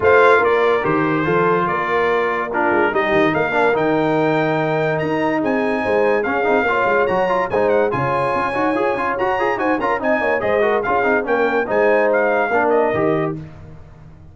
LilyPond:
<<
  \new Staff \with { instrumentName = "trumpet" } { \time 4/4 \tempo 4 = 144 f''4 d''4 c''2 | d''2 ais'4 dis''4 | f''4 g''2. | ais''4 gis''2 f''4~ |
f''4 ais''4 gis''8 fis''8 gis''4~ | gis''2 ais''4 gis''8 ais''8 | gis''4 dis''4 f''4 g''4 | gis''4 f''4. dis''4. | }
  \new Staff \with { instrumentName = "horn" } { \time 4/4 c''4 ais'2 a'4 | ais'2 f'4 g'4 | ais'1~ | ais'4 gis'4 c''4 gis'4 |
cis''2 c''4 cis''4~ | cis''2. c''8 ais'8 | dis''8 cis''8 c''8 ais'8 gis'4 ais'4 | c''2 ais'2 | }
  \new Staff \with { instrumentName = "trombone" } { \time 4/4 f'2 g'4 f'4~ | f'2 d'4 dis'4~ | dis'8 d'8 dis'2.~ | dis'2. cis'8 dis'8 |
f'4 fis'8 f'8 dis'4 f'4~ | f'8 fis'8 gis'8 f'8 fis'8 gis'8 fis'8 f'8 | dis'4 gis'8 fis'8 f'8 dis'8 cis'4 | dis'2 d'4 g'4 | }
  \new Staff \with { instrumentName = "tuba" } { \time 4/4 a4 ais4 dis4 f4 | ais2~ ais8 gis8 g8 dis8 | ais4 dis2. | dis'4 c'4 gis4 cis'8 c'8 |
ais8 gis8 fis4 gis4 cis4 | cis'8 dis'8 f'8 cis'8 fis'8 f'8 dis'8 cis'8 | c'8 ais8 gis4 cis'8 c'8 ais4 | gis2 ais4 dis4 | }
>>